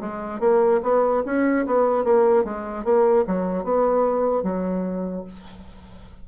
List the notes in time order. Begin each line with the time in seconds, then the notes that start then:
0.00 G#3
0.40 A#3
0.82 B3
1.25 C#4
1.66 B3
2.04 A#3
2.44 G#3
2.84 A#3
3.27 F#3
3.64 B3
4.43 F#3